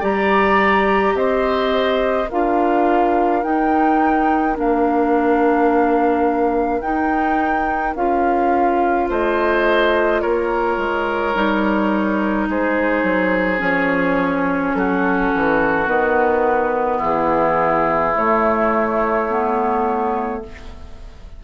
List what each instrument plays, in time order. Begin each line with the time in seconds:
0.00 bassoon G3, clarinet G4, oboe D5, flute A#5
1.13 bassoon C4, oboe C5, flute D#5
2.29 bassoon D4, clarinet F4, oboe A#4, flute F5
3.42 clarinet D#4, bassoon D#4, flute G5
4.55 bassoon A#3, clarinet D4, flute F5
6.81 bassoon D#4, clarinet D#4, flute G5
7.95 bassoon C#4, clarinet F4, flute F5
9.09 bassoon A3, oboe C5, flute D#5
10.21 bassoon A#3, oboe A#4, flute C#5
10.77 bassoon G#3
11.35 bassoon G3, clarinet D#4
12.49 bassoon G#3, oboe G#4, flute C5
13.03 bassoon F#3
13.58 bassoon F3, clarinet C#4, flute C#5
14.75 bassoon F#3, oboe F#4, flute A4
15.35 bassoon E3
15.87 bassoon D#3, clarinet B3, flute B4
16.97 bassoon E3, oboe E4, flute G#4
18.15 clarinet A3, bassoon A3, flute C#5
19.29 clarinet B3